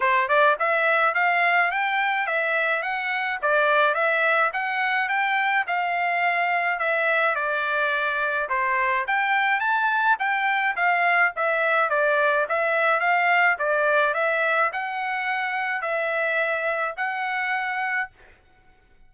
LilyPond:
\new Staff \with { instrumentName = "trumpet" } { \time 4/4 \tempo 4 = 106 c''8 d''8 e''4 f''4 g''4 | e''4 fis''4 d''4 e''4 | fis''4 g''4 f''2 | e''4 d''2 c''4 |
g''4 a''4 g''4 f''4 | e''4 d''4 e''4 f''4 | d''4 e''4 fis''2 | e''2 fis''2 | }